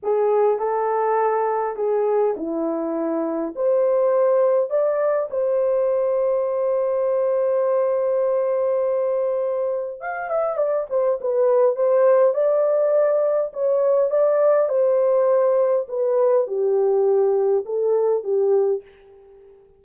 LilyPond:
\new Staff \with { instrumentName = "horn" } { \time 4/4 \tempo 4 = 102 gis'4 a'2 gis'4 | e'2 c''2 | d''4 c''2.~ | c''1~ |
c''4 f''8 e''8 d''8 c''8 b'4 | c''4 d''2 cis''4 | d''4 c''2 b'4 | g'2 a'4 g'4 | }